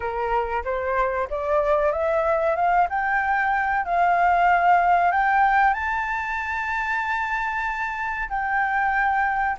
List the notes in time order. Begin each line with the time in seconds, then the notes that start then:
0.00 A#4
0.64 C5
1.30 D5
1.91 E5
2.55 F5
2.89 G5
3.85 F5
5.11 G5
5.73 A5
8.29 G5